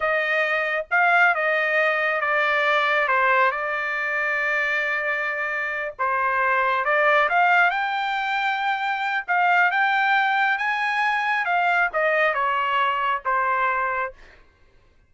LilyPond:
\new Staff \with { instrumentName = "trumpet" } { \time 4/4 \tempo 4 = 136 dis''2 f''4 dis''4~ | dis''4 d''2 c''4 | d''1~ | d''4. c''2 d''8~ |
d''8 f''4 g''2~ g''8~ | g''4 f''4 g''2 | gis''2 f''4 dis''4 | cis''2 c''2 | }